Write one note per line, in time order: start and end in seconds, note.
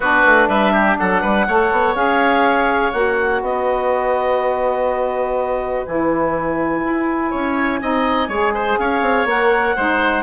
0.00 0.23 B3
0.00 1.48 D4
0.00 0.48 F#4
0.00 0.48 B4
0.25 0.48 A3
0.48 0.96 G3
0.48 0.73 B4
0.48 0.97 E5
0.73 0.97 G4
0.98 1.22 F#3
0.98 1.21 A4
0.98 1.95 F#5
1.21 1.47 G3
1.21 1.45 B4
1.47 1.71 A3
1.47 1.94 A4
1.47 3.42 C#5
1.71 1.95 B3
1.94 2.92 C#4
1.94 2.91 G#4
1.94 2.92 F5
2.92 3.41 A#3
2.92 5.86 F#4
2.92 3.40 F#5
3.41 5.85 B3
3.41 7.30 B4
3.41 5.85 D#5
5.85 6.84 E3
5.85 7.80 E4
5.85 8.78 G#5
6.84 7.33 E4
7.30 7.81 C#4
7.30 7.79 C#5
7.80 8.28 C4
7.80 8.29 D#4
7.80 8.28 D#5
8.28 8.76 G#3
8.28 9.27 G#4
8.28 8.52 C#5
8.54 8.79 C5
8.78 9.01 C#4
8.78 9.75 C#5
8.78 9.27 F5
9.01 9.25 C4
9.25 9.74 A#3
9.25 9.75 A#4
9.25 10.23 F#5
9.75 10.23 G#3
9.75 10.23 D#4
9.75 10.23 C5